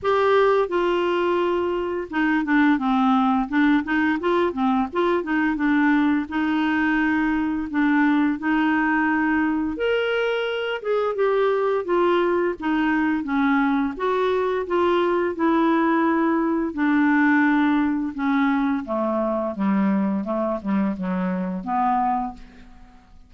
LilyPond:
\new Staff \with { instrumentName = "clarinet" } { \time 4/4 \tempo 4 = 86 g'4 f'2 dis'8 d'8 | c'4 d'8 dis'8 f'8 c'8 f'8 dis'8 | d'4 dis'2 d'4 | dis'2 ais'4. gis'8 |
g'4 f'4 dis'4 cis'4 | fis'4 f'4 e'2 | d'2 cis'4 a4 | g4 a8 g8 fis4 b4 | }